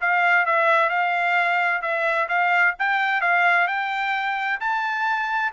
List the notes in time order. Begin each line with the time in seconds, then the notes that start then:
0.00 F5
0.46 E5
0.89 F5
1.81 E5
2.28 F5
2.78 G5
3.21 F5
3.67 G5
4.60 A5